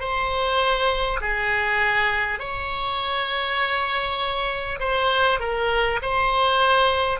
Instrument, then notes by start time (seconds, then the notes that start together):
oboe
0.00 C5
1.21 G#4
2.39 C#5
4.79 C5
5.39 A#4
6.02 C5